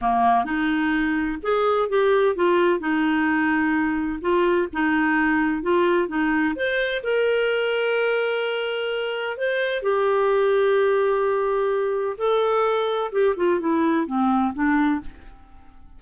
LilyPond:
\new Staff \with { instrumentName = "clarinet" } { \time 4/4 \tempo 4 = 128 ais4 dis'2 gis'4 | g'4 f'4 dis'2~ | dis'4 f'4 dis'2 | f'4 dis'4 c''4 ais'4~ |
ais'1 | c''4 g'2.~ | g'2 a'2 | g'8 f'8 e'4 c'4 d'4 | }